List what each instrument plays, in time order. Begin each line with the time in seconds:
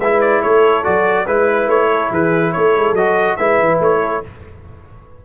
0.00 tuba G#3, trombone E4, horn B4, trumpet E5
0.21 trumpet D5
0.42 tuba A3, horn A4, trumpet C#5
0.84 tuba F#3, trombone F#4, trumpet D5
1.26 tuba G#3, trombone E4, horn B4, trumpet B4
1.68 tuba A3, trumpet C#5
1.92 horn A4
2.11 tuba E3, horn G#4, trumpet B4
2.53 tuba A3, horn A4, trumpet C#5
2.76 tuba G#3
2.93 tuba F#3, trombone F#4, trumpet D#5
3.37 tuba G#3, trombone E4, horn B4, trumpet E5
3.60 tuba E3
3.80 tuba A3, trumpet C#5
4.00 horn A4